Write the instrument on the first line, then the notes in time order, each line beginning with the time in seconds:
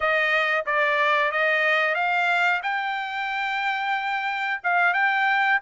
trumpet
0.00 D#5
0.66 D5
1.31 D#5
1.95 F5
2.63 G5
4.63 F5
4.93 G5